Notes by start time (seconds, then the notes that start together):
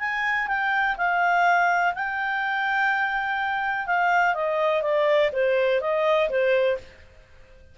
0.00 G#5
0.48 G5
0.98 F5
1.95 G5
3.87 F5
4.35 D#5
4.83 D5
5.33 C5
5.81 D#5
6.30 C5